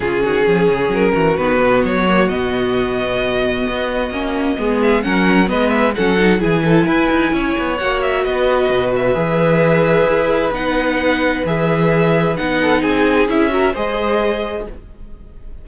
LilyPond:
<<
  \new Staff \with { instrumentName = "violin" } { \time 4/4 \tempo 4 = 131 gis'2 ais'4 b'4 | cis''4 dis''2.~ | dis''2~ dis''8 e''8 fis''4 | dis''8 e''8 fis''4 gis''2~ |
gis''4 fis''8 e''8 dis''4. e''8~ | e''2. fis''4~ | fis''4 e''2 fis''4 | gis''4 e''4 dis''2 | }
  \new Staff \with { instrumentName = "violin" } { \time 4/4 f'8 fis'8 gis'4. fis'4.~ | fis'1~ | fis'2 gis'4 ais'4 | b'4 a'4 gis'8 a'8 b'4 |
cis''2 b'2~ | b'1~ | b'2.~ b'8 a'8 | gis'4. ais'8 c''2 | }
  \new Staff \with { instrumentName = "viola" } { \time 4/4 cis'2. b4~ | b8 ais8 b2.~ | b4 cis'4 b4 cis'4 | b4 cis'8 dis'8 e'2~ |
e'4 fis'2. | gis'2. dis'4~ | dis'4 gis'2 dis'4~ | dis'4 e'8 fis'8 gis'2 | }
  \new Staff \with { instrumentName = "cello" } { \time 4/4 cis8 dis8 f8 cis8 fis8 e8 dis8 b,8 | fis4 b,2. | b4 ais4 gis4 fis4 | gis4 fis4 e4 e'8 dis'8 |
cis'8 b8 ais4 b4 b,4 | e2 e'4 b4~ | b4 e2 b4 | c'4 cis'4 gis2 | }
>>